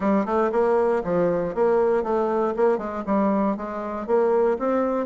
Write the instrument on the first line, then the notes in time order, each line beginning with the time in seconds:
bassoon
0.00 G3
0.25 A3
0.52 A#3
1.04 F3
1.54 A#3
2.03 A3
2.56 A#3
2.78 G#3
3.06 G3
3.57 G#3
4.06 A#3
4.58 C4